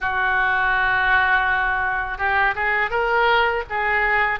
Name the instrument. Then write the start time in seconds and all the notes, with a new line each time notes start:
oboe
0.00 F#4
2.18 G4
2.55 G#4
2.90 A#4
3.70 G#4